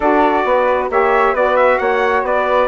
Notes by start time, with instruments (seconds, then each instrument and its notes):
0.00 bassoon D4, saxophone F#4, flute A4, trumpet D5
0.44 bassoon B3, flute B4
0.89 bassoon A#3, saxophone G4, flute C#5, trumpet E5
1.33 bassoon B3, saxophone F#4, flute B4, trumpet D5
1.56 trumpet E5
1.78 bassoon A#3, flute C#5, trumpet F#5
2.22 bassoon B3, flute B4, trumpet D5